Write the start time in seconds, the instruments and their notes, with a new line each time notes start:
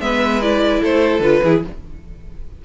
0.00 cello G#3, viola B3, violin B4 E5
0.42 viola E4, violin D5
0.80 cello A3, violin A4 C5
1.20 cello D3, viola F4, violin B4
1.43 cello E3, viola E4, violin G#4